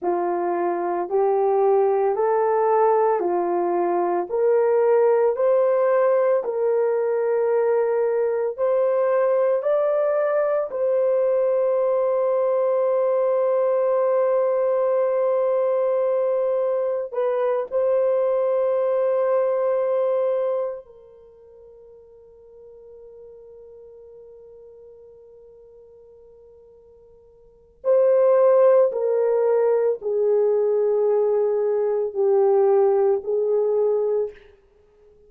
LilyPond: \new Staff \with { instrumentName = "horn" } { \time 4/4 \tempo 4 = 56 f'4 g'4 a'4 f'4 | ais'4 c''4 ais'2 | c''4 d''4 c''2~ | c''1 |
b'8 c''2. ais'8~ | ais'1~ | ais'2 c''4 ais'4 | gis'2 g'4 gis'4 | }